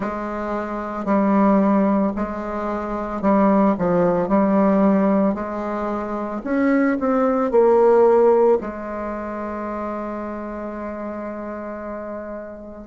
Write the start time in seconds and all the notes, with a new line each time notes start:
0.00 G#3
1.05 G3
2.15 G#3
3.21 G3
3.78 F3
4.28 G3
5.34 G#3
6.43 C#4
6.99 C4
7.51 A#3
8.60 G#3